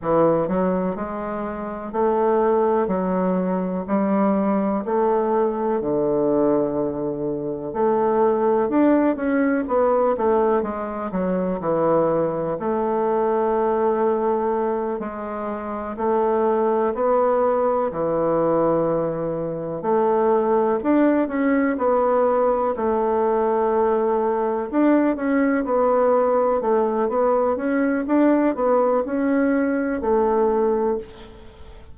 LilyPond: \new Staff \with { instrumentName = "bassoon" } { \time 4/4 \tempo 4 = 62 e8 fis8 gis4 a4 fis4 | g4 a4 d2 | a4 d'8 cis'8 b8 a8 gis8 fis8 | e4 a2~ a8 gis8~ |
gis8 a4 b4 e4.~ | e8 a4 d'8 cis'8 b4 a8~ | a4. d'8 cis'8 b4 a8 | b8 cis'8 d'8 b8 cis'4 a4 | }